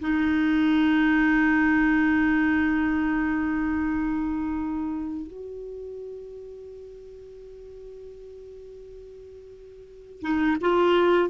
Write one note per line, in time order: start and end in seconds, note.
0.00 5.27 D#4
5.27 10.21 F#4
10.21 10.57 D#4
10.61 11.29 F4